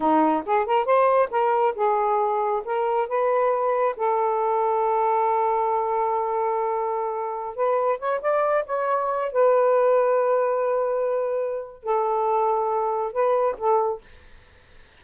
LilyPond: \new Staff \with { instrumentName = "saxophone" } { \time 4/4 \tempo 4 = 137 dis'4 gis'8 ais'8 c''4 ais'4 | gis'2 ais'4 b'4~ | b'4 a'2.~ | a'1~ |
a'4~ a'16 b'4 cis''8 d''4 cis''16~ | cis''4~ cis''16 b'2~ b'8.~ | b'2. a'4~ | a'2 b'4 a'4 | }